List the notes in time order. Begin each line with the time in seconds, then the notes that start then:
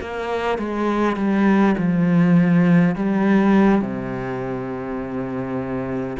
0.00 A#3
0.58 G#3
1.16 G3
1.78 F3
2.95 G3
3.81 C3